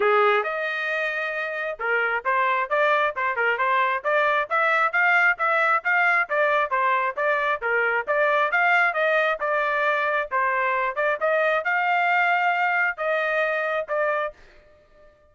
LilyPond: \new Staff \with { instrumentName = "trumpet" } { \time 4/4 \tempo 4 = 134 gis'4 dis''2. | ais'4 c''4 d''4 c''8 ais'8 | c''4 d''4 e''4 f''4 | e''4 f''4 d''4 c''4 |
d''4 ais'4 d''4 f''4 | dis''4 d''2 c''4~ | c''8 d''8 dis''4 f''2~ | f''4 dis''2 d''4 | }